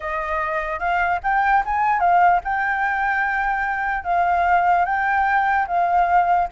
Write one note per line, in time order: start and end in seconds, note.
0.00 0.79 D#5
0.79 1.19 F5
1.23 1.63 G5
1.65 1.99 G#5
1.99 2.40 F5
2.44 4.04 G5
4.04 4.85 F5
4.85 5.66 G5
5.67 6.48 F5